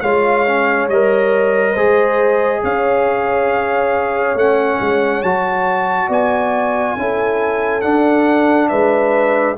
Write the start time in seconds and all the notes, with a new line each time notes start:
0.00 G#3 F4 C#5 F5
0.47 C#4
0.88 G3 A#4 D#5
1.72 G#3 G#4 C5
2.63 C#4 C#5 F5
4.35 A3 C#4 F#5
4.80 G#3
5.22 F#3 F#4 A5
6.08 B3 D5 G#5
6.97 C#4 E4 A4
7.81 D4 F#5
8.69 G#3 B4 E5